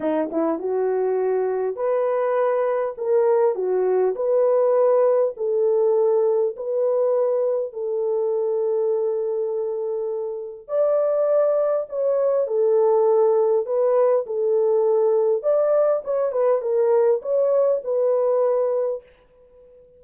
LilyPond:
\new Staff \with { instrumentName = "horn" } { \time 4/4 \tempo 4 = 101 dis'8 e'8 fis'2 b'4~ | b'4 ais'4 fis'4 b'4~ | b'4 a'2 b'4~ | b'4 a'2.~ |
a'2 d''2 | cis''4 a'2 b'4 | a'2 d''4 cis''8 b'8 | ais'4 cis''4 b'2 | }